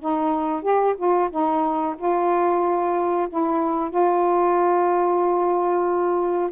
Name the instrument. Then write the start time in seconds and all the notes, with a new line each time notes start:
saxophone
0.00 D#4
0.62 G4
0.97 F4
1.31 D#4
1.98 F4
3.30 E4
3.90 F4